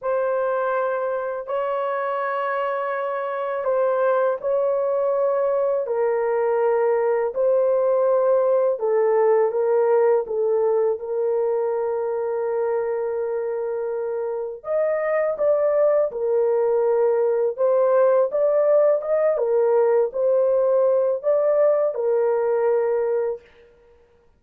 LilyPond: \new Staff \with { instrumentName = "horn" } { \time 4/4 \tempo 4 = 82 c''2 cis''2~ | cis''4 c''4 cis''2 | ais'2 c''2 | a'4 ais'4 a'4 ais'4~ |
ais'1 | dis''4 d''4 ais'2 | c''4 d''4 dis''8 ais'4 c''8~ | c''4 d''4 ais'2 | }